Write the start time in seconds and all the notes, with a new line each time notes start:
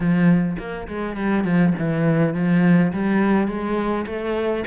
0.00 F3
0.58 A#3
0.87 G#3
1.16 G3
1.44 F3
1.78 E3
2.34 F3
2.93 G3
3.47 G#3
4.06 A3